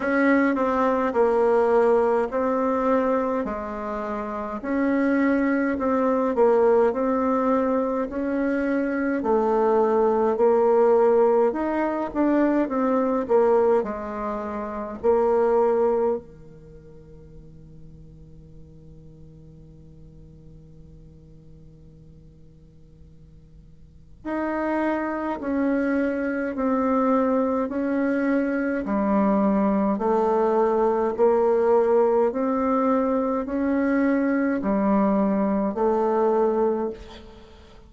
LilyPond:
\new Staff \with { instrumentName = "bassoon" } { \time 4/4 \tempo 4 = 52 cis'8 c'8 ais4 c'4 gis4 | cis'4 c'8 ais8 c'4 cis'4 | a4 ais4 dis'8 d'8 c'8 ais8 | gis4 ais4 dis2~ |
dis1~ | dis4 dis'4 cis'4 c'4 | cis'4 g4 a4 ais4 | c'4 cis'4 g4 a4 | }